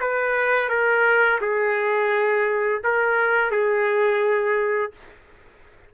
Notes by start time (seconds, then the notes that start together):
0.00 B4
0.69 A#4
1.41 G#4
2.84 A#4
3.51 G#4